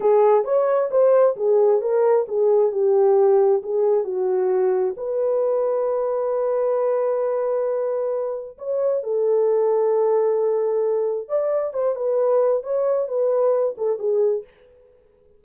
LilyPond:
\new Staff \with { instrumentName = "horn" } { \time 4/4 \tempo 4 = 133 gis'4 cis''4 c''4 gis'4 | ais'4 gis'4 g'2 | gis'4 fis'2 b'4~ | b'1~ |
b'2. cis''4 | a'1~ | a'4 d''4 c''8 b'4. | cis''4 b'4. a'8 gis'4 | }